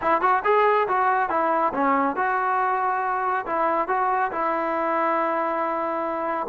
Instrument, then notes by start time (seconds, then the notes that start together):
trombone
0.01 E4
0.21 F#4
0.44 G#4
0.88 F#4
1.29 E4
1.73 C#4
2.16 F#4
3.46 E4
3.88 F#4
4.31 E4